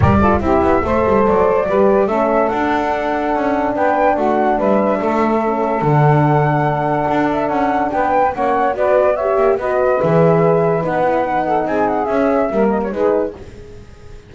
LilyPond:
<<
  \new Staff \with { instrumentName = "flute" } { \time 4/4 \tempo 4 = 144 d''4 e''2 d''4~ | d''4 e''4 fis''2~ | fis''4 g''4 fis''4 e''4~ | e''2 fis''2~ |
fis''4. e''8 fis''4 g''4 | fis''4 d''4 e''4 dis''4 | e''2 fis''2 | gis''8 fis''8 e''4. dis''16 cis''16 b'4 | }
  \new Staff \with { instrumentName = "saxophone" } { \time 4/4 ais'8 a'8 g'4 c''2 | b'4 a'2.~ | a'4 b'4 fis'4 b'4 | a'1~ |
a'2. b'4 | cis''4 b'4 cis''4 b'4~ | b'2.~ b'8 a'8 | gis'2 ais'4 gis'4 | }
  \new Staff \with { instrumentName = "horn" } { \time 4/4 g'8 f'8 e'4 a'2 | g'4 cis'4 d'2~ | d'1~ | d'4 cis'4 d'2~ |
d'1 | cis'4 fis'4 g'4 fis'4 | gis'2 dis'8 e'8 dis'4~ | dis'4 cis'4 ais4 dis'4 | }
  \new Staff \with { instrumentName = "double bass" } { \time 4/4 g4 c'8 b8 a8 g8 fis4 | g4 a4 d'2 | cis'4 b4 a4 g4 | a2 d2~ |
d4 d'4 cis'4 b4 | ais4 b4. ais8 b4 | e2 b2 | c'4 cis'4 g4 gis4 | }
>>